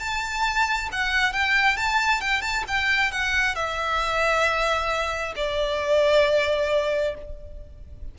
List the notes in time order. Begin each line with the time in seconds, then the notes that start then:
0.00 A5
0.92 F#5
1.33 G5
1.77 A5
2.21 G5
2.42 A5
2.68 G5
3.12 F#5
3.55 E5
5.36 D5